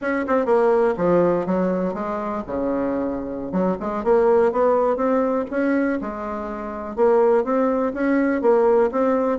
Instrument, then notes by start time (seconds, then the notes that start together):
bassoon
0.01 C#4
0.27 C4
0.45 A#3
0.97 F3
1.45 F#3
1.94 G#3
2.47 C#3
3.51 F#3
3.80 G#3
4.04 A#3
4.52 B3
4.96 C4
5.50 C#4
6.01 G#3
6.96 A#3
7.44 C4
7.93 C#4
8.41 A#3
8.91 C4